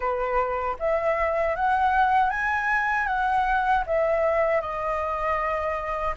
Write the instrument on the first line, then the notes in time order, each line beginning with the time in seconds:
flute
0.00 B4
0.79 E5
1.55 F#5
2.29 G#5
3.07 F#5
3.86 E5
4.61 D#5